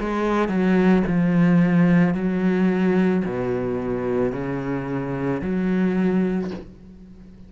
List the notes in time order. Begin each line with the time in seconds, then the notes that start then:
0.00 G#3
0.49 F#3
1.07 F3
2.15 F#3
3.25 B2
4.32 C#3
5.42 F#3